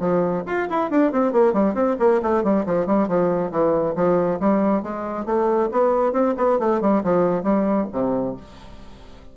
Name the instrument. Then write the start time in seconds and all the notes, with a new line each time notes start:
bassoon
0.00 F3
0.47 F4
0.70 E4
0.91 D4
1.12 C4
1.33 A#3
1.54 G3
1.75 C4
2.00 A#3
2.23 A3
2.44 G3
2.67 F3
2.87 G3
3.09 F3
3.52 E3
3.96 F3
4.41 G3
4.83 G#3
5.26 A3
5.72 B3
6.13 C4
6.38 B3
6.60 A3
6.81 G3
7.04 F3
7.44 G3
7.93 C3